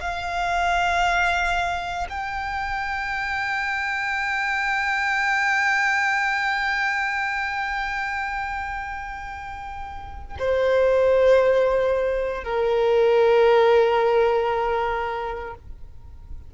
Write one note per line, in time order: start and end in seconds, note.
0.00 2.07 F5
2.09 10.37 G5
10.39 12.44 C5
12.44 15.54 A#4